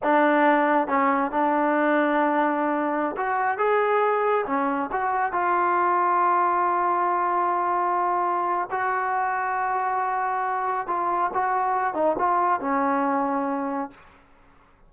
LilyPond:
\new Staff \with { instrumentName = "trombone" } { \time 4/4 \tempo 4 = 138 d'2 cis'4 d'4~ | d'2.~ d'16 fis'8.~ | fis'16 gis'2 cis'4 fis'8.~ | fis'16 f'2.~ f'8.~ |
f'1 | fis'1~ | fis'4 f'4 fis'4. dis'8 | f'4 cis'2. | }